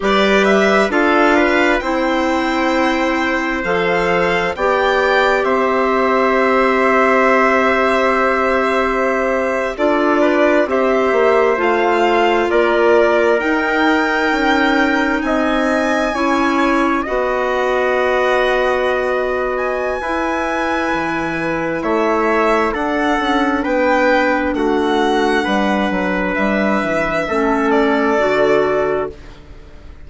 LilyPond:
<<
  \new Staff \with { instrumentName = "violin" } { \time 4/4 \tempo 4 = 66 d''8 e''8 f''4 g''2 | f''4 g''4 e''2~ | e''2~ e''8. d''4 e''16~ | e''8. f''4 d''4 g''4~ g''16~ |
g''8. gis''2 fis''4~ fis''16~ | fis''4. gis''2~ gis''8 | e''4 fis''4 g''4 fis''4~ | fis''4 e''4. d''4. | }
  \new Staff \with { instrumentName = "trumpet" } { \time 4/4 b'4 a'8 b'8 c''2~ | c''4 d''4 c''2~ | c''2~ c''8. a'8 b'8 c''16~ | c''4.~ c''16 ais'2~ ais'16~ |
ais'8. dis''4 cis''4 dis''4~ dis''16~ | dis''2 b'2 | cis''4 a'4 b'4 fis'4 | b'2 a'2 | }
  \new Staff \with { instrumentName = "clarinet" } { \time 4/4 g'4 f'4 e'2 | a'4 g'2.~ | g'2~ g'8. f'4 g'16~ | g'8. f'2 dis'4~ dis'16~ |
dis'4.~ dis'16 e'4 fis'4~ fis'16~ | fis'2 e'2~ | e'4 d'2.~ | d'2 cis'4 fis'4 | }
  \new Staff \with { instrumentName = "bassoon" } { \time 4/4 g4 d'4 c'2 | f4 b4 c'2~ | c'2~ c'8. d'4 c'16~ | c'16 ais8 a4 ais4 dis'4 cis'16~ |
cis'8. c'4 cis'4 b4~ b16~ | b2 e'4 e4 | a4 d'8 cis'8 b4 a4 | g8 fis8 g8 e8 a4 d4 | }
>>